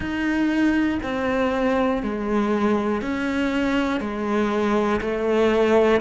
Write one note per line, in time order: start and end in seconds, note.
0.00 0.98 D#4
1.02 2.02 C4
2.02 3.01 G#3
3.01 4.00 C#4
4.00 5.00 G#3
5.00 6.00 A3